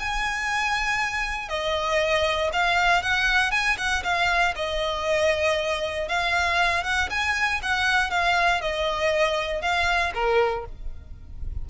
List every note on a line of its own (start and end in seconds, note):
0.00 1.49 G#5
1.49 2.51 D#5
2.53 3.03 F5
3.03 3.52 F#5
3.52 3.77 G#5
3.78 4.04 F#5
4.04 4.55 F5
4.56 6.09 D#5
6.09 6.84 F5
6.84 7.10 F#5
7.10 7.61 G#5
7.63 8.11 F#5
8.11 8.62 F5
8.62 9.62 D#5
9.62 10.13 F5
10.15 10.65 A#4